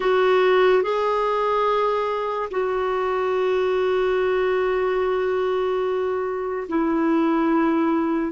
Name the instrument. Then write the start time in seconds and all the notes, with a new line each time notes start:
clarinet
0.00 F#4
0.82 G#4
2.50 F#4
6.68 E4